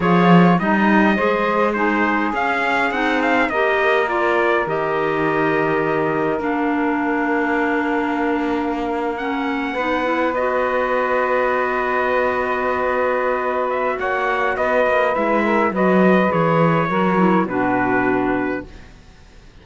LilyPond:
<<
  \new Staff \with { instrumentName = "trumpet" } { \time 4/4 \tempo 4 = 103 cis''4 dis''2 c''4 | f''4 fis''8 f''8 dis''4 d''4 | dis''2. f''4~ | f''2.~ f''8. fis''16~ |
fis''4.~ fis''16 dis''2~ dis''16~ | dis''2.~ dis''8 e''8 | fis''4 dis''4 e''4 dis''4 | cis''2 b'2 | }
  \new Staff \with { instrumentName = "saxophone" } { \time 4/4 f'4 dis'4 c''4 gis'4~ | gis'2 ais'2~ | ais'1~ | ais'1~ |
ais'8. b'2.~ b'16~ | b'1 | cis''4 b'4. ais'8 b'4~ | b'4 ais'4 fis'2 | }
  \new Staff \with { instrumentName = "clarinet" } { \time 4/4 gis'4 dis'4 gis'4 dis'4 | cis'4 dis'4 g'4 f'4 | g'2. d'4~ | d'2.~ d'8. cis'16~ |
cis'8. dis'8 e'8 fis'2~ fis'16~ | fis'1~ | fis'2 e'4 fis'4 | gis'4 fis'8 e'8 d'2 | }
  \new Staff \with { instrumentName = "cello" } { \time 4/4 f4 g4 gis2 | cis'4 c'4 ais2 | dis2. ais4~ | ais1~ |
ais8. b2.~ b16~ | b1 | ais4 b8 ais8 gis4 fis4 | e4 fis4 b,2 | }
>>